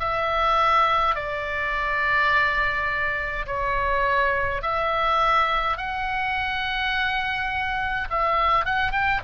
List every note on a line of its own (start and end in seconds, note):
0.00 1.15 E5
1.15 3.46 D5
3.47 4.62 C#5
4.62 5.77 E5
5.77 8.08 F#5
8.10 8.65 E5
8.65 8.92 F#5
8.92 9.20 G5